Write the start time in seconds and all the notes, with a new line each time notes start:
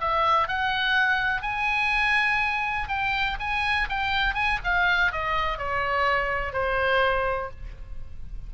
0.00 E5
0.47 F#5
1.41 G#5
2.88 G5
3.39 G#5
3.89 G5
4.34 G#5
4.64 F5
5.12 D#5
5.58 C#5
6.53 C5